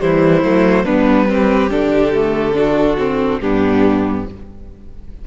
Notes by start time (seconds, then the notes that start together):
0.00 E3 G3 E4 C5
0.43 F#3 A3
0.84 G3 B3 D4 B4
1.28 C4 G4
1.70 D3 D4 A4
2.15 A3
2.53 D4 F#4
2.98 C4
3.40 G2 B3 D4 G4